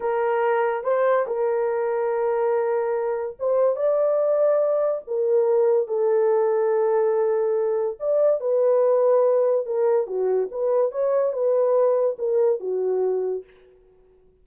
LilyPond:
\new Staff \with { instrumentName = "horn" } { \time 4/4 \tempo 4 = 143 ais'2 c''4 ais'4~ | ais'1 | c''4 d''2. | ais'2 a'2~ |
a'2. d''4 | b'2. ais'4 | fis'4 b'4 cis''4 b'4~ | b'4 ais'4 fis'2 | }